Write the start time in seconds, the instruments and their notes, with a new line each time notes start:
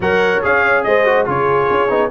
0.00 tuba F#3, trombone A#4, horn C#5, trumpet F#5
0.42 tuba C#4, trombone G#4, trumpet F5
0.83 tuba G#3, horn C5, trumpet D#5
1.05 trombone F#4
1.25 tuba C#3, trombone F4, horn G#4, trumpet C#5
1.70 tuba C#4
1.88 tuba B3, trombone D#4